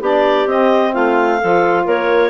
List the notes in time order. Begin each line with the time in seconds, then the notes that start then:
0.00 B3 D4 G4 D5
0.46 C4 D#5
0.92 A3 F4 F5
1.39 F3 F4 A4
1.84 A#3 A#4 C#5